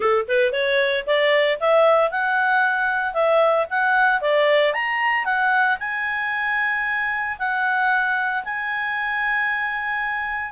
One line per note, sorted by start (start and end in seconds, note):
0.00 0.25 A4
0.28 0.52 B4
0.52 1.05 C#5
1.06 1.59 D5
1.59 2.11 E5
2.11 3.13 F#5
3.13 3.66 E5
3.70 4.21 F#5
4.21 4.73 D5
4.73 5.25 A#5
5.25 5.77 F#5
5.79 7.37 G#5
7.38 8.44 F#5
8.44 10.52 G#5